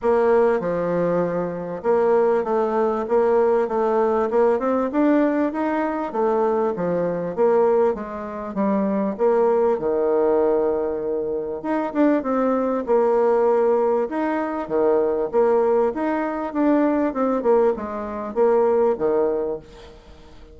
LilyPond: \new Staff \with { instrumentName = "bassoon" } { \time 4/4 \tempo 4 = 98 ais4 f2 ais4 | a4 ais4 a4 ais8 c'8 | d'4 dis'4 a4 f4 | ais4 gis4 g4 ais4 |
dis2. dis'8 d'8 | c'4 ais2 dis'4 | dis4 ais4 dis'4 d'4 | c'8 ais8 gis4 ais4 dis4 | }